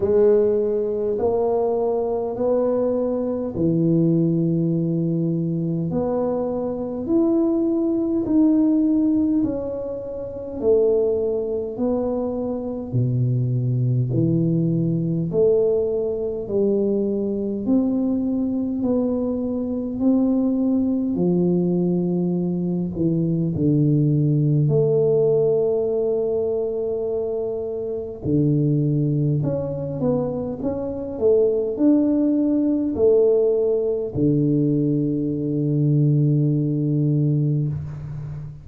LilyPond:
\new Staff \with { instrumentName = "tuba" } { \time 4/4 \tempo 4 = 51 gis4 ais4 b4 e4~ | e4 b4 e'4 dis'4 | cis'4 a4 b4 b,4 | e4 a4 g4 c'4 |
b4 c'4 f4. e8 | d4 a2. | d4 cis'8 b8 cis'8 a8 d'4 | a4 d2. | }